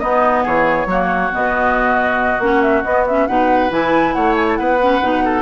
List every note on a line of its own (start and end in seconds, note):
0.00 0.89 B3
0.00 0.46 B3
0.00 0.43 D#4
0.00 0.43 D#5
0.43 0.86 E3
0.43 0.87 G#4
0.43 1.33 C#5
0.86 1.29 F#3
0.86 1.32 A#3
0.86 3.28 F#4
1.32 2.39 B2
1.32 2.41 B3
1.32 2.43 D#5
2.39 2.83 A#3
2.39 2.85 C#4
2.39 2.62 F#5
2.62 2.84 E5
2.84 3.28 B3
2.84 3.07 B3
2.84 3.06 D#5
3.07 3.28 C#4
3.07 3.27 E5
3.27 3.71 B2
3.27 3.70 D#4
3.27 4.15 B4
3.27 3.71 F#5
3.70 4.14 E3
3.70 4.79 E4
3.70 4.14 G#5
4.14 4.59 A3
4.14 4.59 C#5
4.14 4.35 F#5
4.36 4.46 G#5
4.49 4.56 A5
4.56 5.01 B3
4.56 5.24 B4
4.56 5.42 F#5
4.82 5.02 C#4
5.01 5.42 B2
5.01 5.42 D#4
5.25 5.42 A4